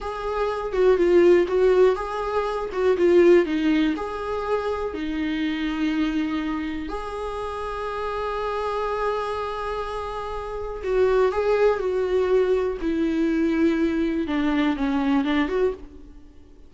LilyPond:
\new Staff \with { instrumentName = "viola" } { \time 4/4 \tempo 4 = 122 gis'4. fis'8 f'4 fis'4 | gis'4. fis'8 f'4 dis'4 | gis'2 dis'2~ | dis'2 gis'2~ |
gis'1~ | gis'2 fis'4 gis'4 | fis'2 e'2~ | e'4 d'4 cis'4 d'8 fis'8 | }